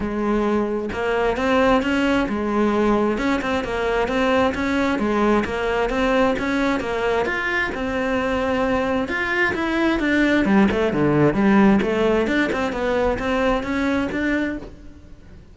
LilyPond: \new Staff \with { instrumentName = "cello" } { \time 4/4 \tempo 4 = 132 gis2 ais4 c'4 | cis'4 gis2 cis'8 c'8 | ais4 c'4 cis'4 gis4 | ais4 c'4 cis'4 ais4 |
f'4 c'2. | f'4 e'4 d'4 g8 a8 | d4 g4 a4 d'8 c'8 | b4 c'4 cis'4 d'4 | }